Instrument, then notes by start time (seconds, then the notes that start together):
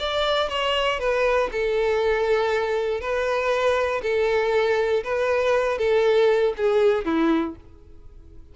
violin
0.00 D5
0.50 C#5
1.00 B4
1.52 A4
3.01 B4
4.03 A4
5.04 B4
5.79 A4
6.58 G#4
7.05 E4